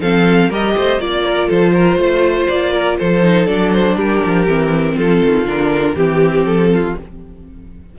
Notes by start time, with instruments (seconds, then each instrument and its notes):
0.00 cello F3, viola C4, violin A4 F5
0.49 cello G3, viola G4, violin A#4 D#5
0.77 cello A3, violin C5
0.98 cello A#3, viola F4, violin D5
1.25 violin A#4
1.48 cello F3, violin A4 C5
1.73 violin A#4
1.97 cello A3, violin C5
2.47 cello A#3, violin D5
2.73 violin A#4
2.98 cello F3, violin A4 C5
3.22 viola D#4
3.46 cello F#3, viola D4, violin D5
3.73 violin C5
3.95 cello G3, violin G4 A#4
4.25 cello F3
4.47 cello E3, viola C4
4.96 cello F3, violin F4 A4
5.24 cello D#3
5.45 cello D3, viola D4, violin A#4
5.95 cello E3, viola C4, violin G4
6.44 cello F3, violin A4
6.73 violin F4